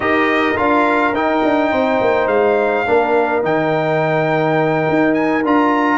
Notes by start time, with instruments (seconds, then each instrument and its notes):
0.00 tuba D#4, trombone G4, horn A#4, trumpet D#5
0.56 tuba D4, trombone F4, trumpet F5
1.14 tuba D#4, trombone D#4, trumpet G5
1.44 tuba D4
1.71 tuba C4, horn C5
2.00 tuba A#3
2.26 tuba G#3, trumpet F5
2.86 tuba A#3, trombone D4, horn A#4
3.42 tuba D#3, trombone D#4, trumpet G5
4.88 tuba D#4
5.13 trumpet G#5
5.44 tuba D4, trombone F4, trumpet A#5